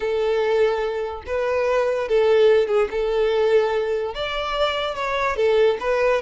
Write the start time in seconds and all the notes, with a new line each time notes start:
0.00 A4
1.26 B4
2.08 A4
2.67 G#4
2.90 A4
4.14 D5
4.95 C#5
5.36 A4
5.80 B4